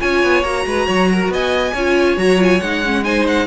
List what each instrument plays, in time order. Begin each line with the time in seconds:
0.00 cello C#4, viola F4, violin C#5 G#5
0.22 cello B3
0.42 cello A#3, viola F#4, violin A#5
0.65 cello G#3, violin B4
0.86 cello F#3, violin C#5
1.12 violin A#4
1.28 cello B3, violin D#5 G#5
1.73 cello C#4, viola F4, violin C#5
2.17 cello F#3, viola F#4, violin A#5
2.38 viola F4, violin G#5
2.60 cello G#3, viola D#4, violin F#5
2.84 viola C#4
3.03 viola D#4, violin C5 G#5
3.27 violin F#5